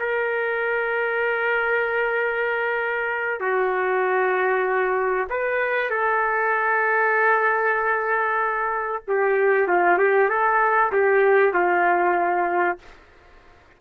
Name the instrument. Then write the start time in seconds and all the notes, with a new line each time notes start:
trumpet
0.00 A#4
3.41 F#4
5.30 B4
5.91 A4
9.08 G4
9.68 F4
9.99 G4
10.30 A4
10.93 G4
11.54 F4